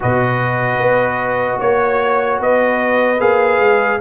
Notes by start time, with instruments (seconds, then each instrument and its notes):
0.00 tuba B2, trombone F#4, horn B4, trumpet D#5
0.79 tuba B3
1.59 tuba A#3, horn C#5, trumpet C#5
2.39 tuba B3, horn B4, trumpet D#5
3.19 tuba A#3, trombone G#4, trumpet F5
3.59 tuba G#3